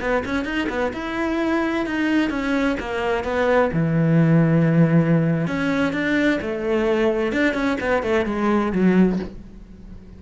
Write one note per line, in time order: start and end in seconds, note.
0.00 0.23 B3
0.25 0.45 C#4
0.45 0.68 D#4
0.69 0.92 B3
0.93 1.86 E4
1.86 2.30 D#4
2.30 2.76 C#4
2.79 3.23 A#3
3.23 3.70 B3
3.72 5.47 E3
5.47 5.92 C#4
5.92 6.39 D4
6.41 7.32 A3
7.32 7.53 D4
7.53 7.77 C#4
7.80 8.02 B3
8.02 8.25 A3
8.25 8.72 G#3
8.72 9.19 F#3